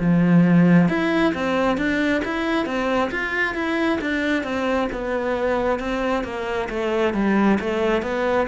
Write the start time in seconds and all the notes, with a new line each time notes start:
0.00 F3
0.89 E4
1.34 C4
1.78 D4
2.25 E4
2.66 C4
3.11 F4
3.55 E4
4.01 D4
4.44 C4
4.93 B3
5.79 C4
6.24 A#3
6.70 A3
7.14 G3
7.60 A3
8.02 B3